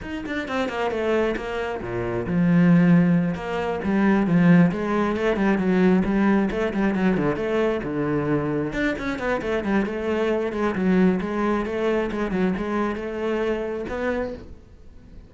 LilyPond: \new Staff \with { instrumentName = "cello" } { \time 4/4 \tempo 4 = 134 dis'8 d'8 c'8 ais8 a4 ais4 | ais,4 f2~ f8 ais8~ | ais8 g4 f4 gis4 a8 | g8 fis4 g4 a8 g8 fis8 |
d8 a4 d2 d'8 | cis'8 b8 a8 g8 a4. gis8 | fis4 gis4 a4 gis8 fis8 | gis4 a2 b4 | }